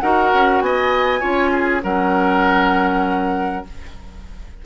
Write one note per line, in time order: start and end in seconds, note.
0.00 0.32 D#4
0.00 1.20 F#4
0.00 0.63 A#4
0.00 0.61 F#5
0.33 0.60 C#4
0.60 1.21 B3
0.60 1.20 D#5
0.60 1.82 G#5
1.20 1.83 C#4
1.20 1.81 F4
1.20 1.50 C#5
1.51 1.82 G#4
1.83 3.65 F#3
1.83 3.64 C#4
1.83 3.65 A#4
1.83 3.65 F#5